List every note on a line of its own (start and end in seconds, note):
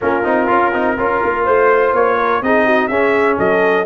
0.01 0.25 A#3
0.01 0.23 C#4
0.01 0.96 F4
0.01 1.45 A#4
0.23 0.49 C4
0.23 0.47 D#4
0.47 0.73 C#4
0.47 0.71 F4
0.73 0.97 C4
0.73 0.97 D#4
0.96 1.21 C#4
0.96 2.43 F4
0.96 1.44 A#4
1.23 1.47 A#3
1.44 1.93 A3
1.44 2.17 C5
1.44 1.94 C5
1.93 2.41 A#3
1.93 2.43 C#5
2.17 2.42 A#4
2.41 2.88 C4
2.41 2.91 D#4
2.41 2.65 G#4
2.41 2.87 D#5
2.65 2.89 F#4
2.87 3.37 C#4
2.87 3.85 C#4
2.87 3.37 G#4
2.87 3.36 E5
3.37 3.85 F#3
3.37 3.85 A4
3.37 3.85 D#5